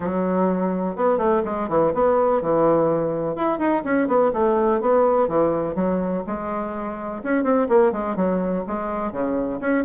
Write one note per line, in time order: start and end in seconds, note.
0.00 0.95 F#3
0.95 1.18 B3
1.18 1.42 A3
1.44 1.68 G#3
1.68 1.92 E3
1.94 2.41 B3
2.41 3.35 E3
3.35 3.58 E4
3.58 3.82 D#4
3.84 4.07 C#4
4.07 4.31 B3
4.33 4.80 A3
4.80 5.28 B3
5.28 5.75 E3
5.75 6.23 F#3
6.26 7.22 G#3
7.23 7.43 C#4
7.43 7.67 C4
7.68 7.92 A#3
7.92 8.16 G#3
8.16 8.64 F#3
8.67 9.12 G#3
9.12 9.60 C#3
9.60 9.84 C#4